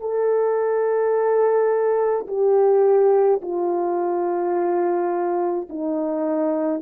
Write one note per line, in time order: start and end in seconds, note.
0.00 2.26 A4
2.27 3.40 G4
3.42 5.68 F4
5.69 6.82 D#4